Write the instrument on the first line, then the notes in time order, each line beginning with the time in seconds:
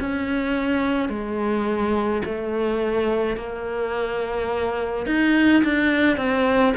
cello
0.00 C#4
1.09 G#3
2.25 A3
3.37 A#3
5.06 D#4
5.63 D4
6.17 C4